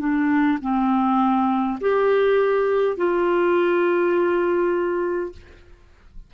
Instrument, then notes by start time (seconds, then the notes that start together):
clarinet
0.00 D4
0.62 C4
1.81 G4
2.97 F4